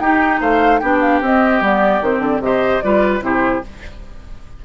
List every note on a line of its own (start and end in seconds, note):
0.00 0.40 D#4
0.00 0.83 D#4
0.00 0.41 G4
0.00 0.40 G5
0.41 0.81 A3
0.41 0.81 C5
0.41 0.79 F5
0.79 1.21 B3
0.79 1.23 D4
0.79 2.42 G4
0.79 0.99 G5
1.01 1.21 F5
1.21 1.61 C4
1.21 1.62 C4
1.21 1.65 D#5
1.61 2.01 G3
1.61 2.02 B3
1.61 2.04 D5
2.02 2.19 D#3
2.02 2.43 C4
2.02 2.22 C5
2.19 2.40 D3
2.19 2.42 D5
2.40 2.80 C3
2.40 2.83 G4
2.40 2.85 C5
2.40 2.82 D#5
2.82 3.21 G3
2.82 3.21 F4
2.82 3.25 B4
2.82 3.22 D5
3.21 3.62 C3
3.21 3.62 E4
3.21 3.65 G4
3.21 3.65 C5